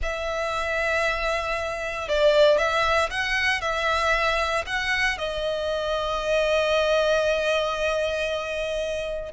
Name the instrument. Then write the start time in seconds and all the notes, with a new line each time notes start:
violin
0.02 E5
2.08 D5
2.57 E5
3.10 F#5
3.61 E5
4.66 F#5
5.18 D#5